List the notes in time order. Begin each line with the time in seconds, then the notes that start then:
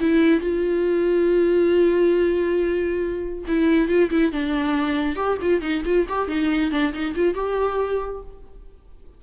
0.00 E4
0.40 F4
3.47 E4
3.88 F4
4.10 E4
4.32 D4
5.15 G4
5.41 F4
5.61 D#4
5.85 F4
6.08 G4
6.28 D#4
6.71 D4
6.93 D#4
7.15 F4
7.34 G4